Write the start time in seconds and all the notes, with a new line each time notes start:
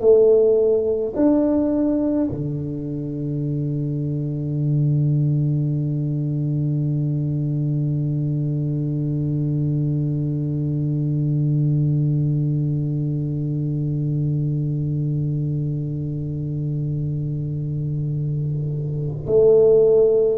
0.00 A3
1.16 D4
2.31 D3
19.27 A3